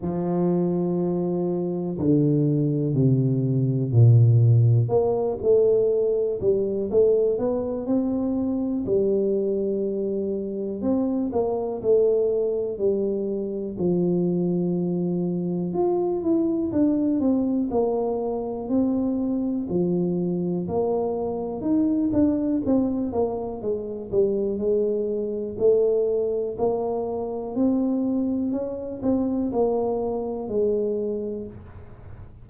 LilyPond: \new Staff \with { instrumentName = "tuba" } { \time 4/4 \tempo 4 = 61 f2 d4 c4 | ais,4 ais8 a4 g8 a8 b8 | c'4 g2 c'8 ais8 | a4 g4 f2 |
f'8 e'8 d'8 c'8 ais4 c'4 | f4 ais4 dis'8 d'8 c'8 ais8 | gis8 g8 gis4 a4 ais4 | c'4 cis'8 c'8 ais4 gis4 | }